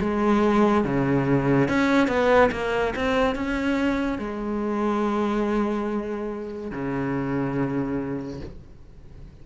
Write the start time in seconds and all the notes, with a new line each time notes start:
0.00 G#3
0.85 C#3
1.69 C#4
2.08 B3
2.52 A#3
2.96 C4
3.35 C#4
4.18 G#3
6.71 C#3